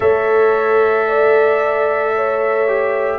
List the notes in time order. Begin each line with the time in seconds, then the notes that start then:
0.00 A3 A4 C#5 E5
1.07 D5
2.15 C#5
2.67 G4